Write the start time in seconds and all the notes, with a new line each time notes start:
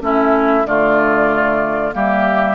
0.00 A3 C#4 E4 E5
0.65 D3 A3 F4 D5
1.92 G3 A#3 G4 E5